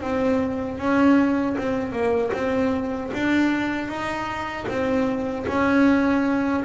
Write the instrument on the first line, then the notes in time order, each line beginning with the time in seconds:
double bass
0.00 C4
0.78 C#4
1.57 C4
1.92 A#3
2.33 C4
3.13 D4
3.87 D#4
4.68 C4
5.47 C#4